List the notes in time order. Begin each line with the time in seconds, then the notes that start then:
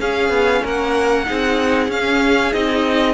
0.00 C#4 G#4 F5
0.29 B3
0.63 A#3 A#4 F#5
1.25 C4 D#4 G#4
1.88 C#4 F5
2.52 C4 D#4 D#5